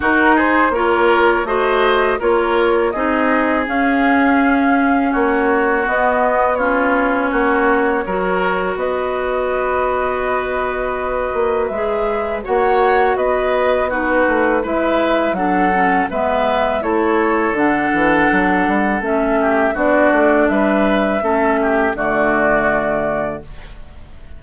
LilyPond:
<<
  \new Staff \with { instrumentName = "flute" } { \time 4/4 \tempo 4 = 82 ais'8 c''8 cis''4 dis''4 cis''4 | dis''4 f''2 cis''4 | dis''4 cis''2. | dis''1 |
e''4 fis''4 dis''4 b'4 | e''4 fis''4 e''4 cis''4 | fis''2 e''4 d''4 | e''2 d''2 | }
  \new Staff \with { instrumentName = "oboe" } { \time 4/4 fis'8 gis'8 ais'4 c''4 ais'4 | gis'2. fis'4~ | fis'4 f'4 fis'4 ais'4 | b'1~ |
b'4 cis''4 b'4 fis'4 | b'4 a'4 b'4 a'4~ | a'2~ a'8 g'8 fis'4 | b'4 a'8 g'8 fis'2 | }
  \new Staff \with { instrumentName = "clarinet" } { \time 4/4 dis'4 f'4 fis'4 f'4 | dis'4 cis'2. | b4 cis'2 fis'4~ | fis'1 |
gis'4 fis'2 dis'4 | e'4 d'8 cis'8 b4 e'4 | d'2 cis'4 d'4~ | d'4 cis'4 a2 | }
  \new Staff \with { instrumentName = "bassoon" } { \time 4/4 dis'4 ais4 a4 ais4 | c'4 cis'2 ais4 | b2 ais4 fis4 | b2.~ b8 ais8 |
gis4 ais4 b4. a8 | gis4 fis4 gis4 a4 | d8 e8 fis8 g8 a4 b8 a8 | g4 a4 d2 | }
>>